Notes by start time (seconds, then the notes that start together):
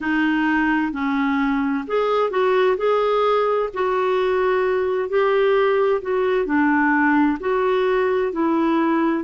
0.00 D#4
0.92 C#4
1.87 G#4
2.30 F#4
2.77 G#4
3.73 F#4
5.09 G4
6.01 F#4
6.45 D4
7.40 F#4
8.32 E4